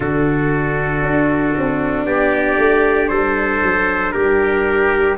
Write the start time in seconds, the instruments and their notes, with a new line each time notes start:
0.00 tuba D3, viola D4, trumpet F#4 A4
1.01 tuba D4
1.57 tuba C4
2.05 tuba B3, trumpet G4 D5
2.58 tuba A3
3.08 tuba G3, trumpet A4 C5
3.62 tuba F#3
4.12 tuba G3, trumpet G4 A#4